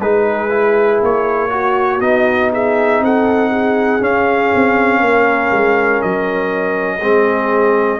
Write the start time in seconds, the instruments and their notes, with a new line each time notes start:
0.00 tuba G#3, trombone D#4, horn G#4, trumpet B4
0.50 trombone E4
1.02 tuba A#3, trumpet C#5
1.50 trombone F#4, horn F#4
2.01 tuba B3, trombone D#4, trumpet D#5
2.52 horn G#4, trumpet E5
3.00 tuba C4, horn A4, trumpet F#5
3.50 horn G#4
4.01 trombone C#4, tuba C#4, trumpet F5
4.55 tuba C4
5.00 tuba A#3, horn A#4
5.52 tuba G#3
6.02 tuba F#3, trumpet D#5
6.98 tuba G#3, trombone C4, horn G#4